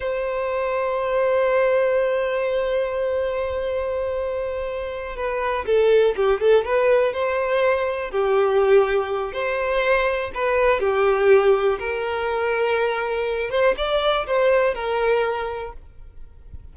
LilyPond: \new Staff \with { instrumentName = "violin" } { \time 4/4 \tempo 4 = 122 c''1~ | c''1~ | c''2~ c''8 b'4 a'8~ | a'8 g'8 a'8 b'4 c''4.~ |
c''8 g'2~ g'8 c''4~ | c''4 b'4 g'2 | ais'2.~ ais'8 c''8 | d''4 c''4 ais'2 | }